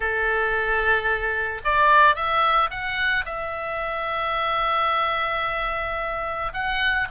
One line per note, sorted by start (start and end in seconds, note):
0.00 1.61 A4
1.64 2.15 D5
2.15 2.70 E5
2.70 3.25 F#5
3.25 6.52 E5
6.53 7.08 F#5